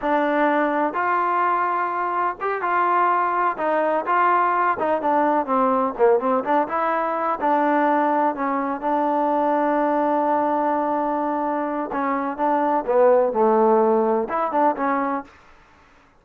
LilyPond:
\new Staff \with { instrumentName = "trombone" } { \time 4/4 \tempo 4 = 126 d'2 f'2~ | f'4 g'8 f'2 dis'8~ | dis'8 f'4. dis'8 d'4 c'8~ | c'8 ais8 c'8 d'8 e'4. d'8~ |
d'4. cis'4 d'4.~ | d'1~ | d'4 cis'4 d'4 b4 | a2 e'8 d'8 cis'4 | }